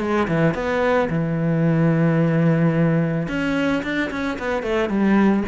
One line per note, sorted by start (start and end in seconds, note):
0.00 0.27 G#3
0.28 0.54 E3
0.54 1.09 B3
1.10 3.28 E3
3.28 3.83 C#4
3.83 4.11 D4
4.11 4.38 C#4
4.39 4.63 B3
4.63 4.89 A3
4.89 5.44 G3